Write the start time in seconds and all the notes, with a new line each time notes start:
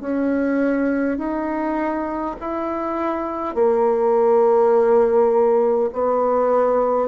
0.00 C#4
1.18 D#4
2.40 E4
3.55 A#3
5.93 B3